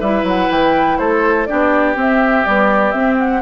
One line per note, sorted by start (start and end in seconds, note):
0.00 0.23 G3
0.00 1.48 E4
0.00 0.98 B4
0.00 0.25 E5
0.23 0.47 F#3
0.23 0.51 F#5
0.50 0.99 E3
0.50 0.98 G5
0.98 1.48 A3
0.98 1.47 A4
0.98 1.46 C5
1.46 1.96 B3
1.46 1.95 D4
1.46 3.42 G4
1.46 1.95 D5
1.95 2.44 C4
1.95 2.45 C4
1.95 2.45 E5
2.44 2.92 G3
2.44 2.94 B3
2.44 2.91 D5
2.91 3.42 C4
2.91 3.15 E5
3.19 3.42 F#5